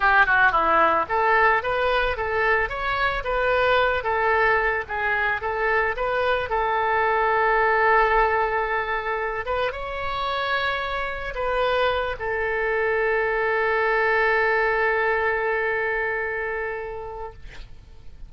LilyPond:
\new Staff \with { instrumentName = "oboe" } { \time 4/4 \tempo 4 = 111 g'8 fis'8 e'4 a'4 b'4 | a'4 cis''4 b'4. a'8~ | a'4 gis'4 a'4 b'4 | a'1~ |
a'4. b'8 cis''2~ | cis''4 b'4. a'4.~ | a'1~ | a'1 | }